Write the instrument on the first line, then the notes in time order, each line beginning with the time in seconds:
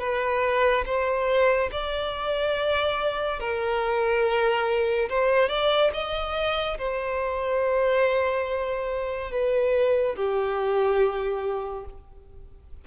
violin
0.00 B4
0.86 C5
1.72 D5
3.40 A#4
5.09 C5
5.49 D5
5.93 D#5
6.78 C5
9.31 B4
10.16 G4